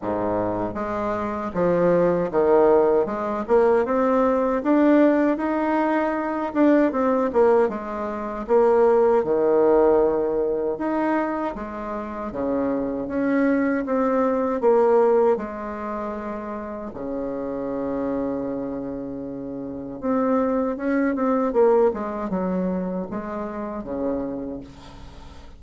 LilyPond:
\new Staff \with { instrumentName = "bassoon" } { \time 4/4 \tempo 4 = 78 gis,4 gis4 f4 dis4 | gis8 ais8 c'4 d'4 dis'4~ | dis'8 d'8 c'8 ais8 gis4 ais4 | dis2 dis'4 gis4 |
cis4 cis'4 c'4 ais4 | gis2 cis2~ | cis2 c'4 cis'8 c'8 | ais8 gis8 fis4 gis4 cis4 | }